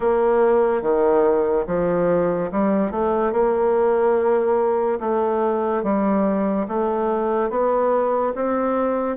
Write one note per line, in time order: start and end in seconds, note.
0.00 0.81 A#3
0.81 1.65 D#3
1.67 2.50 F3
2.51 2.91 G3
2.91 3.32 A3
3.32 4.99 A#3
5.00 5.83 A3
5.83 6.66 G3
6.68 7.50 A3
7.50 8.33 B3
8.35 9.16 C4